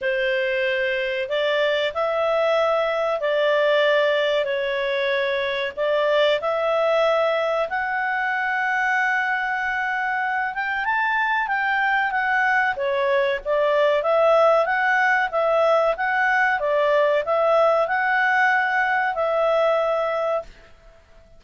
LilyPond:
\new Staff \with { instrumentName = "clarinet" } { \time 4/4 \tempo 4 = 94 c''2 d''4 e''4~ | e''4 d''2 cis''4~ | cis''4 d''4 e''2 | fis''1~ |
fis''8 g''8 a''4 g''4 fis''4 | cis''4 d''4 e''4 fis''4 | e''4 fis''4 d''4 e''4 | fis''2 e''2 | }